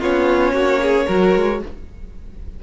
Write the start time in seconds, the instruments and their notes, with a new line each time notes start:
0.00 cello B3, viola C#4, violin F4 C#5
0.52 cello A#3, violin F#4
0.82 violin G#4
1.06 cello F#3, viola F#4, violin A#4
1.35 cello G#3